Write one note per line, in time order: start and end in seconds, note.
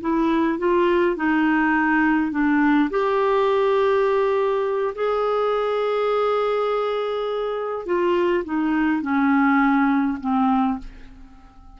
0.00 0.58 E4
0.58 1.16 F4
1.16 2.31 D#4
2.31 2.89 D4
2.90 4.94 G4
4.95 7.85 G#4
7.85 8.44 F4
8.44 9.02 D#4
9.02 10.18 C#4
10.20 10.78 C4